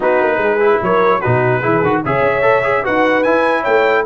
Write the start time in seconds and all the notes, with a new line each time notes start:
0.00 B3 D#4 F#4 B4
0.21 A#3
0.37 G#3 G#4
0.59 E4
0.82 F#3 A#4 C#5
1.20 B2 D#4 F#4 B4
1.60 E3 E4 G#4
1.82 D#3 F#4
2.05 C#3 G#4 C#5 E5
2.21 C#4
2.41 A4
2.63 G#4
2.83 D#4 F#4 B4 F#5
3.23 E4 G#5
3.61 A3 C#5 G5